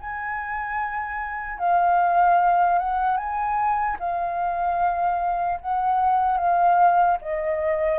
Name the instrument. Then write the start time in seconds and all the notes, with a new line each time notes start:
flute
0.00 G#5
1.59 F5
2.78 F#5
3.17 G#5
3.99 F5
5.60 F#5
6.37 F5
7.21 D#5